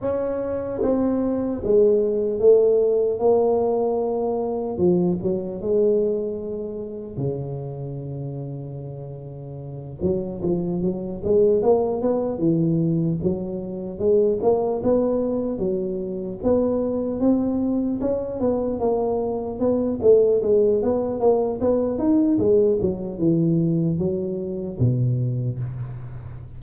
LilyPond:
\new Staff \with { instrumentName = "tuba" } { \time 4/4 \tempo 4 = 75 cis'4 c'4 gis4 a4 | ais2 f8 fis8 gis4~ | gis4 cis2.~ | cis8 fis8 f8 fis8 gis8 ais8 b8 e8~ |
e8 fis4 gis8 ais8 b4 fis8~ | fis8 b4 c'4 cis'8 b8 ais8~ | ais8 b8 a8 gis8 b8 ais8 b8 dis'8 | gis8 fis8 e4 fis4 b,4 | }